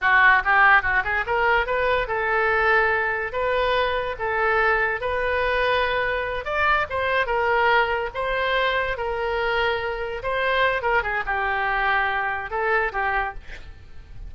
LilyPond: \new Staff \with { instrumentName = "oboe" } { \time 4/4 \tempo 4 = 144 fis'4 g'4 fis'8 gis'8 ais'4 | b'4 a'2. | b'2 a'2 | b'2.~ b'8 d''8~ |
d''8 c''4 ais'2 c''8~ | c''4. ais'2~ ais'8~ | ais'8 c''4. ais'8 gis'8 g'4~ | g'2 a'4 g'4 | }